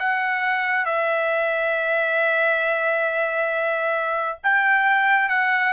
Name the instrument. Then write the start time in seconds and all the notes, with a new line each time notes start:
trumpet
0.00 F#5
0.86 E5
4.44 G5
5.29 F#5